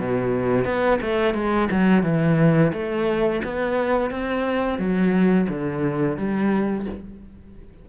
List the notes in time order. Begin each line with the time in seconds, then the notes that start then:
0.00 B2
0.66 B3
1.02 A3
1.35 G#3
1.71 F#3
2.04 E3
2.73 A3
3.44 B3
4.11 C4
4.79 F#3
5.50 D3
6.18 G3